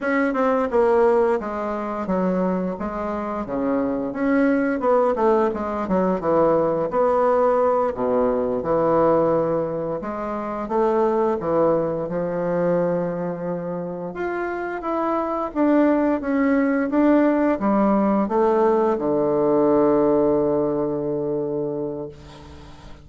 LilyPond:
\new Staff \with { instrumentName = "bassoon" } { \time 4/4 \tempo 4 = 87 cis'8 c'8 ais4 gis4 fis4 | gis4 cis4 cis'4 b8 a8 | gis8 fis8 e4 b4. b,8~ | b,8 e2 gis4 a8~ |
a8 e4 f2~ f8~ | f8 f'4 e'4 d'4 cis'8~ | cis'8 d'4 g4 a4 d8~ | d1 | }